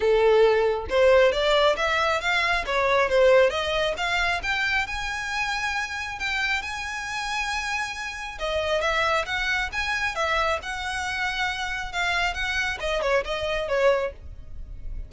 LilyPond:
\new Staff \with { instrumentName = "violin" } { \time 4/4 \tempo 4 = 136 a'2 c''4 d''4 | e''4 f''4 cis''4 c''4 | dis''4 f''4 g''4 gis''4~ | gis''2 g''4 gis''4~ |
gis''2. dis''4 | e''4 fis''4 gis''4 e''4 | fis''2. f''4 | fis''4 dis''8 cis''8 dis''4 cis''4 | }